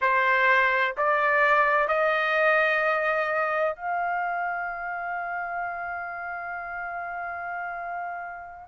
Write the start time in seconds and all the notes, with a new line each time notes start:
0.01 C5
0.97 D5
1.87 D#5
3.75 F5